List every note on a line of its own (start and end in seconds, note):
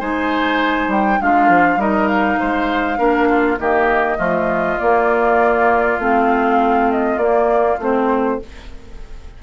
0.00 0.88 G#3
0.00 1.20 D#4
0.00 1.20 C5
0.00 0.91 G#5
0.88 1.18 G3
0.88 1.22 G5
1.20 1.49 G#3
1.20 1.80 D4
1.20 1.80 F4
1.20 1.81 F5
1.49 1.77 F3
1.77 2.37 G3
1.77 2.98 D#4
1.77 2.40 A#4
1.77 2.08 D#5
2.08 3.58 F5
2.40 2.99 G#3
2.40 2.99 C5
2.98 3.59 A#3
2.98 3.58 D4
2.98 3.29 A#4
3.29 3.59 F4
3.60 4.19 D#3
3.60 4.17 A#3
3.60 4.18 G4
3.60 4.79 D#5
4.17 4.79 F3
4.17 4.77 A3
4.17 8.38 F4
4.80 6.00 A#3
4.80 5.99 A#3
4.80 6.00 D5
5.99 7.17 A3
5.99 7.20 C4
5.99 6.92 F5
6.92 7.18 D#5
7.17 7.77 A#3
7.17 7.80 A#3
7.17 7.78 D5
7.79 8.39 A3
7.79 8.41 C4
7.79 8.43 C5